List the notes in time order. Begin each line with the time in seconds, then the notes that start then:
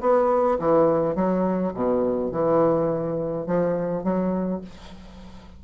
0.00 B3
0.59 E3
1.15 F#3
1.74 B2
2.31 E3
3.46 F3
4.03 F#3